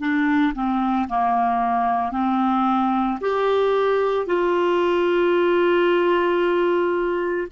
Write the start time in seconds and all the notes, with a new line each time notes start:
0.00 D4
0.55 C4
1.09 A#3
2.12 C4
3.21 G4
4.26 F4